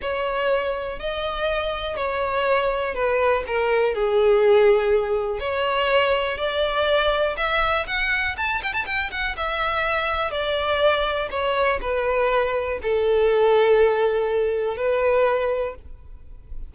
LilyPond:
\new Staff \with { instrumentName = "violin" } { \time 4/4 \tempo 4 = 122 cis''2 dis''2 | cis''2 b'4 ais'4 | gis'2. cis''4~ | cis''4 d''2 e''4 |
fis''4 a''8 g''16 a''16 g''8 fis''8 e''4~ | e''4 d''2 cis''4 | b'2 a'2~ | a'2 b'2 | }